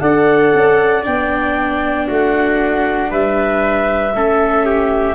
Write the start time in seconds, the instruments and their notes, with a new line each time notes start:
0.00 tuba D4, viola A4, trumpet D5, clarinet F#5
0.54 tuba C#4
1.03 tuba B3, viola D4, clarinet G5
2.07 tuba A3, trumpet F#4, clarinet F#5
3.10 tuba G3, trumpet B4, clarinet E5
4.14 tuba A3, viola C#4, trumpet A4
4.65 trumpet G4